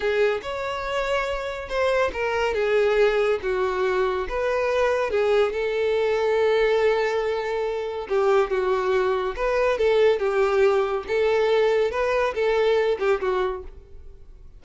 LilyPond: \new Staff \with { instrumentName = "violin" } { \time 4/4 \tempo 4 = 141 gis'4 cis''2. | c''4 ais'4 gis'2 | fis'2 b'2 | gis'4 a'2.~ |
a'2. g'4 | fis'2 b'4 a'4 | g'2 a'2 | b'4 a'4. g'8 fis'4 | }